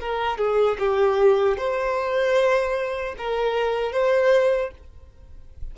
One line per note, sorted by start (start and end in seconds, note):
0.00 0.37 A#4
0.37 0.77 G#4
0.79 1.57 G4
1.57 3.15 C5
3.17 3.92 A#4
3.92 4.71 C5